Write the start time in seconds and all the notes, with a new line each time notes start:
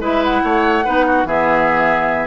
0.00 G#3 E4 B4 E5
0.24 F#5
0.43 A3 C#5
0.84 B3 D#4 B4
1.07 F#4
1.24 E3 B3 G#4 E5